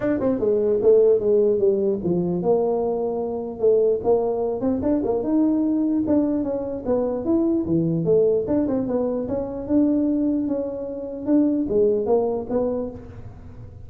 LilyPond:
\new Staff \with { instrumentName = "tuba" } { \time 4/4 \tempo 4 = 149 d'8 c'8 gis4 a4 gis4 | g4 f4 ais2~ | ais4 a4 ais4. c'8 | d'8 ais8 dis'2 d'4 |
cis'4 b4 e'4 e4 | a4 d'8 c'8 b4 cis'4 | d'2 cis'2 | d'4 gis4 ais4 b4 | }